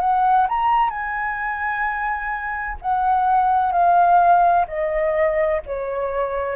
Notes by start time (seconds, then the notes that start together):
0.00 F#5
0.49 A#5
0.89 G#5
2.81 F#5
3.72 F5
4.67 D#5
5.66 C#5